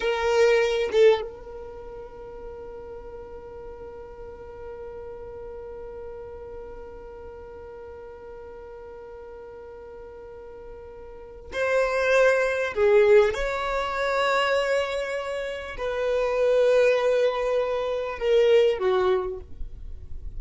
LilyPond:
\new Staff \with { instrumentName = "violin" } { \time 4/4 \tempo 4 = 99 ais'4. a'8 ais'2~ | ais'1~ | ais'1~ | ais'1~ |
ais'2. c''4~ | c''4 gis'4 cis''2~ | cis''2 b'2~ | b'2 ais'4 fis'4 | }